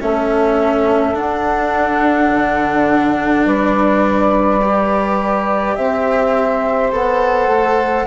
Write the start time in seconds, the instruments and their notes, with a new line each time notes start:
0.00 bassoon A3, cello C#4, saxophone A4, flute E5
1.14 cello D4, bassoon D4, flute F#5
2.31 bassoon D3
3.45 bassoon G3, saxophone B4, flute D5
4.61 cello G4
5.75 bassoon C4, saxophone C5, flute E5
6.92 bassoon B3, cello A4, flute F#5
7.46 bassoon A3